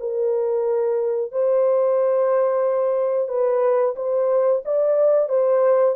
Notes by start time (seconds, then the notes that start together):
0.00 A#4
1.32 C5
3.28 B4
3.96 C5
4.65 D5
5.29 C5